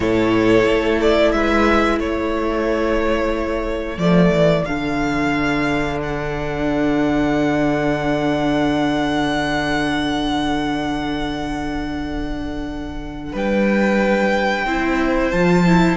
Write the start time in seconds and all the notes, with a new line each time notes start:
0.00 A2 E4 A4 C#5
0.67 A3
1.01 D5
1.32 G#3 B4 E5
1.98 A3 A4 C#5
3.97 F3 A3 D5
4.32 E3
4.65 D3 D4 F5
6.02 F#5
13.32 G3 B4 G5
14.65 C4 E4 C5
15.31 F3 F4 A5
15.66 E4